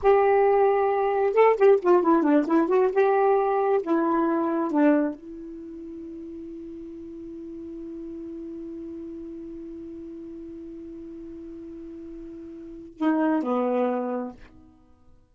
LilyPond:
\new Staff \with { instrumentName = "saxophone" } { \time 4/4 \tempo 4 = 134 g'2. a'8 g'8 | f'8 e'8 d'8 e'8 fis'8 g'4.~ | g'8 e'2 d'4 e'8~ | e'1~ |
e'1~ | e'1~ | e'1~ | e'4 dis'4 b2 | }